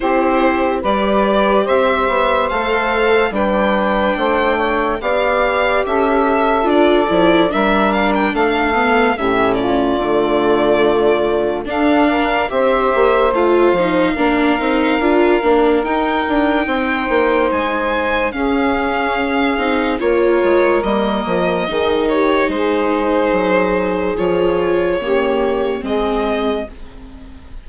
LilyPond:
<<
  \new Staff \with { instrumentName = "violin" } { \time 4/4 \tempo 4 = 72 c''4 d''4 e''4 f''4 | g''2 f''4 e''4 | d''4 e''8 f''16 g''16 f''4 e''8 d''8~ | d''2 f''4 e''4 |
f''2. g''4~ | g''4 gis''4 f''2 | cis''4 dis''4. cis''8 c''4~ | c''4 cis''2 dis''4 | }
  \new Staff \with { instrumentName = "saxophone" } { \time 4/4 g'4 b'4 c''2 | b'4 c''8 cis''8 d''4 a'4~ | a'4 ais'4 a'4 g'8 f'8~ | f'2 a'8 ais'8 c''4~ |
c''4 ais'2. | c''2 gis'2 | ais'2 gis'8 g'8 gis'4~ | gis'2 g'4 gis'4 | }
  \new Staff \with { instrumentName = "viola" } { \time 4/4 e'4 g'2 a'4 | d'2 g'2 | f'8 e'8 d'4. b8 cis'4 | a2 d'4 g'4 |
f'8 dis'8 d'8 dis'8 f'8 d'8 dis'4~ | dis'2 cis'4. dis'8 | f'4 ais4 dis'2~ | dis'4 f'4 ais4 c'4 | }
  \new Staff \with { instrumentName = "bassoon" } { \time 4/4 c'4 g4 c'8 b8 a4 | g4 a4 b4 cis'4 | d'8 f8 g4 a4 a,4 | d2 d'4 c'8 ais8 |
a8 f8 ais8 c'8 d'8 ais8 dis'8 d'8 | c'8 ais8 gis4 cis'4. c'8 | ais8 gis8 g8 f8 dis4 gis4 | fis4 f4 cis4 gis4 | }
>>